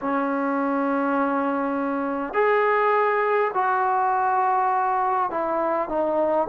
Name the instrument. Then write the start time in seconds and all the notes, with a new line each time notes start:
trombone
0.01 C#4
2.33 G#4
3.53 F#4
5.30 E4
5.88 D#4